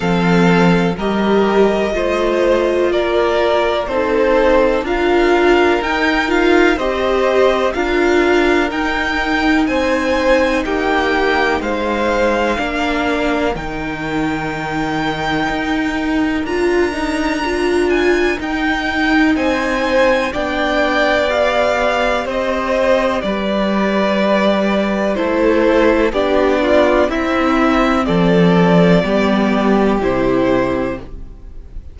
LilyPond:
<<
  \new Staff \with { instrumentName = "violin" } { \time 4/4 \tempo 4 = 62 f''4 dis''2 d''4 | c''4 f''4 g''8 f''8 dis''4 | f''4 g''4 gis''4 g''4 | f''2 g''2~ |
g''4 ais''4. gis''8 g''4 | gis''4 g''4 f''4 dis''4 | d''2 c''4 d''4 | e''4 d''2 c''4 | }
  \new Staff \with { instrumentName = "violin" } { \time 4/4 a'4 ais'4 c''4 ais'4 | a'4 ais'2 c''4 | ais'2 c''4 g'4 | c''4 ais'2.~ |
ais'1 | c''4 d''2 c''4 | b'2 a'4 g'8 f'8 | e'4 a'4 g'2 | }
  \new Staff \with { instrumentName = "viola" } { \time 4/4 c'4 g'4 f'2 | dis'4 f'4 dis'8 f'8 g'4 | f'4 dis'2.~ | dis'4 d'4 dis'2~ |
dis'4 f'8 dis'8 f'4 dis'4~ | dis'4 d'4 g'2~ | g'2 e'4 d'4 | c'2 b4 e'4 | }
  \new Staff \with { instrumentName = "cello" } { \time 4/4 f4 g4 a4 ais4 | c'4 d'4 dis'4 c'4 | d'4 dis'4 c'4 ais4 | gis4 ais4 dis2 |
dis'4 d'2 dis'4 | c'4 b2 c'4 | g2 a4 b4 | c'4 f4 g4 c4 | }
>>